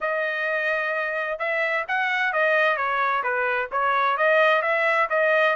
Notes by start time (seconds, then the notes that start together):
0.01 D#5
1.38 E5
1.88 F#5
2.32 D#5
2.76 C#5
3.23 B4
3.71 C#5
4.17 D#5
4.62 E5
5.09 D#5